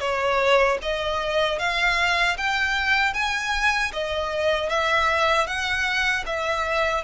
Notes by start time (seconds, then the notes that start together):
0.00 C#5
0.82 D#5
1.59 F5
2.37 G5
3.14 G#5
3.93 D#5
4.69 E5
5.47 F#5
6.26 E5